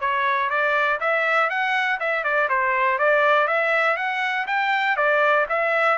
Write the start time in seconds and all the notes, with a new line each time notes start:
0.00 C#5
0.50 D5
1.00 E5
1.49 F#5
2.00 E5
2.24 D5
2.49 C5
2.99 D5
3.48 E5
3.96 F#5
4.47 G5
4.96 D5
5.49 E5